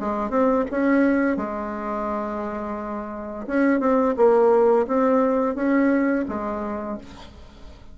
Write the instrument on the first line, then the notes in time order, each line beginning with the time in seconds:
bassoon
0.00 G#3
0.30 C4
0.71 C#4
1.37 G#3
3.47 C#4
3.80 C4
4.17 A#3
4.87 C4
5.56 C#4
6.29 G#3